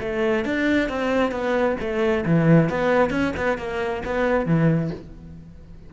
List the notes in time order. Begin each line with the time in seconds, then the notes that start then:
0.00 A3
0.45 D4
0.89 C4
1.31 B3
1.80 A3
2.25 E3
2.69 B3
3.10 C#4
3.36 B3
3.57 A#3
4.05 B3
4.46 E3